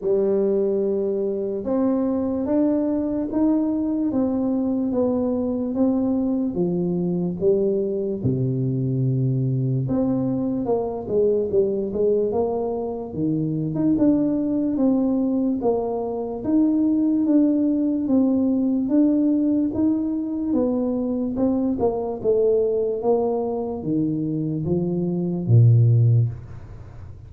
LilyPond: \new Staff \with { instrumentName = "tuba" } { \time 4/4 \tempo 4 = 73 g2 c'4 d'4 | dis'4 c'4 b4 c'4 | f4 g4 c2 | c'4 ais8 gis8 g8 gis8 ais4 |
dis8. dis'16 d'4 c'4 ais4 | dis'4 d'4 c'4 d'4 | dis'4 b4 c'8 ais8 a4 | ais4 dis4 f4 ais,4 | }